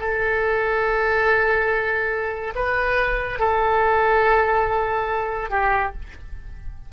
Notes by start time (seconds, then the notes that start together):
0.00 A4
2.55 B4
3.39 A4
5.50 G4